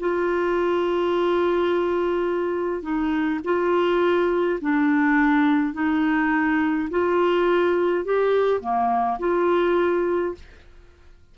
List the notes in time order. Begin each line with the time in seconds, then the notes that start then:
0.00 F4
2.82 D#4
3.44 F4
4.62 D4
5.74 D#4
6.90 F4
8.05 G4
8.61 A#3
9.19 F4